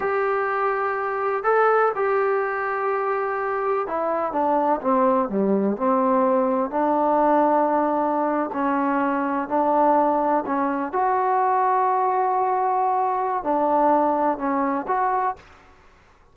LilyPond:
\new Staff \with { instrumentName = "trombone" } { \time 4/4 \tempo 4 = 125 g'2. a'4 | g'1 | e'4 d'4 c'4 g4 | c'2 d'2~ |
d'4.~ d'16 cis'2 d'16~ | d'4.~ d'16 cis'4 fis'4~ fis'16~ | fis'1 | d'2 cis'4 fis'4 | }